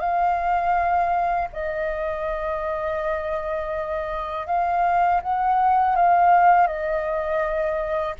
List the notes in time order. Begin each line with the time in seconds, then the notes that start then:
0.00 F5
1.53 D#5
4.47 F5
5.22 F#5
5.96 F5
6.67 D#5